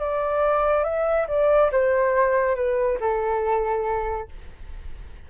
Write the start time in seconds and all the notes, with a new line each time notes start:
0.00 D5
0.84 E5
1.28 D5
1.72 C5
2.56 B4
3.00 A4